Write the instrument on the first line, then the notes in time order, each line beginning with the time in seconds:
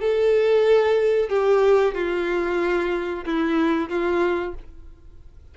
violin
0.00 A4
1.29 G4
1.94 F4
3.25 E4
3.89 F4